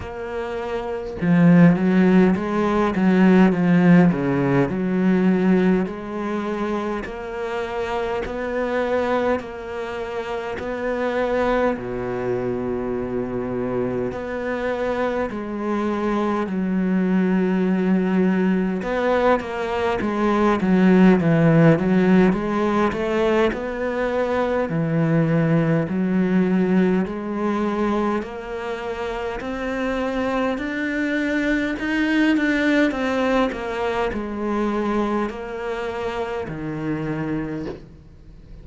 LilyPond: \new Staff \with { instrumentName = "cello" } { \time 4/4 \tempo 4 = 51 ais4 f8 fis8 gis8 fis8 f8 cis8 | fis4 gis4 ais4 b4 | ais4 b4 b,2 | b4 gis4 fis2 |
b8 ais8 gis8 fis8 e8 fis8 gis8 a8 | b4 e4 fis4 gis4 | ais4 c'4 d'4 dis'8 d'8 | c'8 ais8 gis4 ais4 dis4 | }